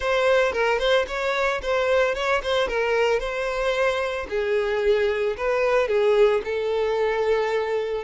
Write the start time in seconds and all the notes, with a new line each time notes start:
0.00 C5
0.52 A#4
0.78 C5
1.07 C#5
1.62 C5
2.14 C#5
2.43 C5
2.68 A#4
3.19 C5
4.29 G#4
5.37 B4
5.88 G#4
6.44 A4